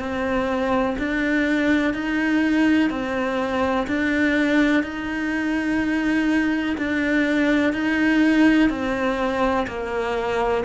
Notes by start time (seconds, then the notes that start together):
0.00 C4
0.99 D4
1.94 D#4
2.90 C4
3.88 D4
4.83 D#4
6.78 D4
7.73 D#4
8.70 C4
9.67 A#3